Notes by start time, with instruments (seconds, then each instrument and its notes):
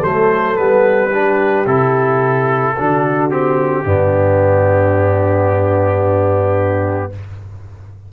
0.00 tuba F#3, trombone A3, horn A4, trumpet C5
0.57 tuba G3, trombone B3, trumpet B4
1.11 trombone D4, horn G4
1.66 tuba C3, trombone E4, trumpet A4
2.78 tuba D3, trombone D4, horn F#4
3.30 trombone C4, trumpet G4
3.85 tuba G2, trombone B3, horn D4